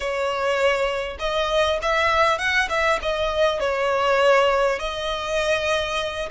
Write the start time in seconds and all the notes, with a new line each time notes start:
0.00 C#5
1.19 D#5
1.81 E5
2.38 F#5
2.69 E5
3.02 D#5
3.59 C#5
4.79 D#5